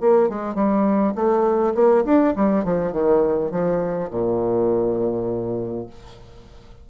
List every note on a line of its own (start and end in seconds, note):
0.00 0.29 A#3
0.29 0.54 G#3
0.54 1.13 G3
1.15 1.74 A3
1.74 2.04 A#3
2.04 2.33 D4
2.36 2.64 G3
2.64 2.92 F3
2.92 3.51 D#3
3.51 4.10 F3
4.10 5.86 A#2